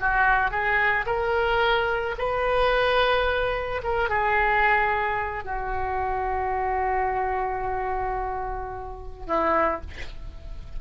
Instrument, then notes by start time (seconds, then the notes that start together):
oboe
0.00 F#4
0.51 G#4
1.06 A#4
2.18 B4
3.83 A#4
4.09 G#4
5.44 F#4
9.26 E4